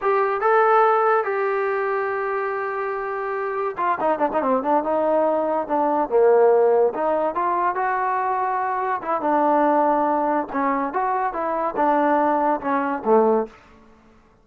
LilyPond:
\new Staff \with { instrumentName = "trombone" } { \time 4/4 \tempo 4 = 143 g'4 a'2 g'4~ | g'1~ | g'4 f'8 dis'8 d'16 dis'16 c'8 d'8 dis'8~ | dis'4. d'4 ais4.~ |
ais8 dis'4 f'4 fis'4.~ | fis'4. e'8 d'2~ | d'4 cis'4 fis'4 e'4 | d'2 cis'4 a4 | }